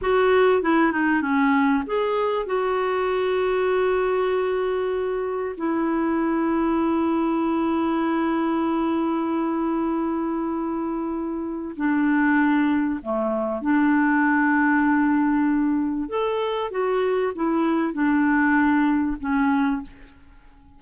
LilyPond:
\new Staff \with { instrumentName = "clarinet" } { \time 4/4 \tempo 4 = 97 fis'4 e'8 dis'8 cis'4 gis'4 | fis'1~ | fis'4 e'2.~ | e'1~ |
e'2. d'4~ | d'4 a4 d'2~ | d'2 a'4 fis'4 | e'4 d'2 cis'4 | }